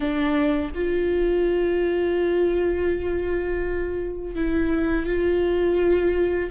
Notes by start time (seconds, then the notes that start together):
0.00 D4
0.74 F4
4.35 E4
5.06 F4